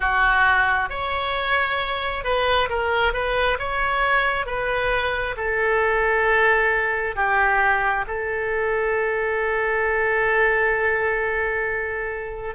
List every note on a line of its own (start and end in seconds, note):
0.00 0.89 F#4
0.89 2.23 C#5
2.24 2.69 B4
2.69 3.13 A#4
3.13 3.57 B4
3.58 4.45 C#5
4.45 5.35 B4
5.36 7.15 A4
7.15 8.05 G4
8.07 12.55 A4